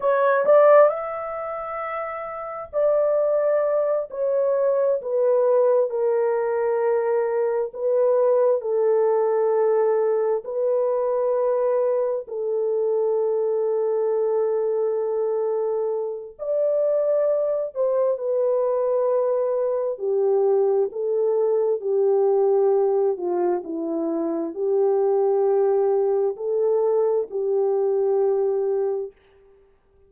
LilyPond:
\new Staff \with { instrumentName = "horn" } { \time 4/4 \tempo 4 = 66 cis''8 d''8 e''2 d''4~ | d''8 cis''4 b'4 ais'4.~ | ais'8 b'4 a'2 b'8~ | b'4. a'2~ a'8~ |
a'2 d''4. c''8 | b'2 g'4 a'4 | g'4. f'8 e'4 g'4~ | g'4 a'4 g'2 | }